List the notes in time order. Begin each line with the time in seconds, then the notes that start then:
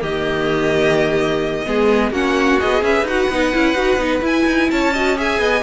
0.00 D#3 A#3 G4 D#5
1.66 G#3 B3 G#4
2.11 A#3 C#4 F#4 F#5
2.60 B3 G#4 D#5
2.82 C#4 B4 E5
3.02 D#4 F#5
3.09 F#4
3.29 B3 D#4
3.53 C#4 E4
3.74 D#4 F#4
3.96 B3 D#4
4.22 E4 G#5
4.46 D#4
4.71 C#4 C#5 A5
4.94 F#4 D#5
5.16 G#4 E5 G#5
5.39 B3 D#5